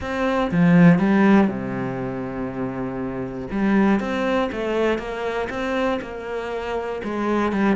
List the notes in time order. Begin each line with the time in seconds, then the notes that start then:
0.00 C4
0.51 F3
0.98 G3
1.47 C3
3.51 G3
4.00 C4
4.52 A3
4.98 A#3
5.49 C4
6.01 A#3
7.04 G#3
7.52 G3